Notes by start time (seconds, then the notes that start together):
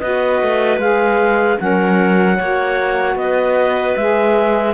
0.00 B3 F#4 B4 D#5
0.42 A3
0.78 G#3 G#4 F5
1.58 F#3 C#4 A#4 F#5
2.36 A#3 C#5
2.43 F#4
3.16 B3 B4 D#5
3.96 G#3 G#4 E5